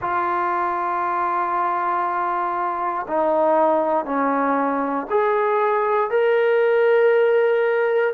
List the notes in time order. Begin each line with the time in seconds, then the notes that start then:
0.01 F4
3.07 D#4
4.05 C#4
5.10 G#4
6.10 A#4